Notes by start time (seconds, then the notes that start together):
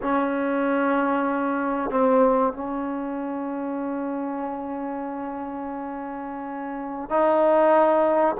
0.01 C#4
1.90 C4
2.53 C#4
7.09 D#4